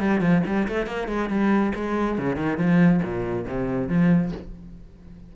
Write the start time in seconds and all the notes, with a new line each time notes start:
0.00 G3
0.21 F3
0.47 G3
0.68 A3
0.86 A#3
1.08 G#3
1.29 G3
1.75 G#3
2.18 C#3
2.36 D#3
2.58 F3
3.03 A#2
3.46 C3
3.88 F3